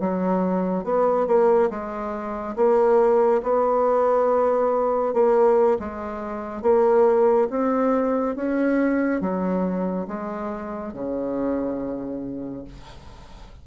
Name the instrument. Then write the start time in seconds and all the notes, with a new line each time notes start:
bassoon
0.00 F#3
0.84 B3
1.27 A#3
1.70 G#3
2.56 A#3
3.43 B3
5.14 A#3
5.79 G#3
6.62 A#3
7.50 C4
8.36 C#4
9.21 F#3
10.08 G#3
10.93 C#3